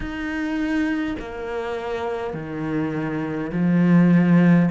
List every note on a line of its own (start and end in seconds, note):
0.00 1.16 D#4
1.19 2.33 A#3
2.33 3.51 D#3
3.51 4.69 F3